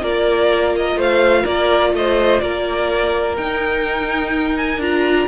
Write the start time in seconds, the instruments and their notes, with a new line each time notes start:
0.00 cello A#3, viola F4, violin A#4 D5
0.76 violin D#5
0.95 cello A3, violin C5 F5
1.42 cello A#3, violin A#4 D5
1.93 cello A3, violin C5 D#5
2.40 cello A#3, violin A#4 D5
3.37 cello D#4, viola D#4, violin G5
4.57 violin G#5
4.78 cello D4, viola F4, violin A#5